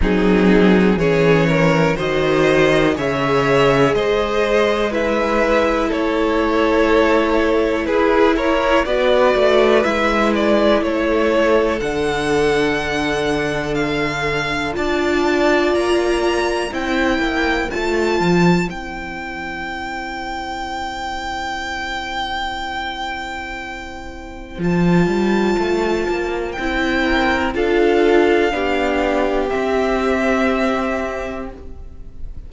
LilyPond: <<
  \new Staff \with { instrumentName = "violin" } { \time 4/4 \tempo 4 = 61 gis'4 cis''4 dis''4 e''4 | dis''4 e''4 cis''2 | b'8 cis''8 d''4 e''8 d''8 cis''4 | fis''2 f''4 a''4 |
ais''4 g''4 a''4 g''4~ | g''1~ | g''4 a''2 g''4 | f''2 e''2 | }
  \new Staff \with { instrumentName = "violin" } { \time 4/4 dis'4 gis'8 ais'8 c''4 cis''4 | c''4 b'4 a'2 | gis'8 ais'8 b'2 a'4~ | a'2. d''4~ |
d''4 c''2.~ | c''1~ | c''2.~ c''8 ais'8 | a'4 g'2. | }
  \new Staff \with { instrumentName = "viola" } { \time 4/4 c'4 cis'4 fis'4 gis'4~ | gis'4 e'2.~ | e'4 fis'4 e'2 | d'2. f'4~ |
f'4 e'4 f'4 e'4~ | e'1~ | e'4 f'2 e'4 | f'4 d'4 c'2 | }
  \new Staff \with { instrumentName = "cello" } { \time 4/4 fis4 e4 dis4 cis4 | gis2 a2 | e'4 b8 a8 gis4 a4 | d2. d'4 |
ais4 c'8 ais8 a8 f8 c'4~ | c'1~ | c'4 f8 g8 a8 ais8 c'4 | d'4 b4 c'2 | }
>>